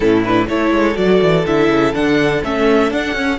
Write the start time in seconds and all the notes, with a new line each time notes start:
0.00 A2 C#4 E4 A4
0.23 D4 B4
0.47 A3 E4 A4 C#5
0.71 G#3
0.94 F#3 F#4 D5
1.21 E3
1.45 D3 E4 E5
1.68 C#3
1.93 D3 D4 F#5
2.42 A3 C#4 E5
2.91 D4 F#5
3.12 C#4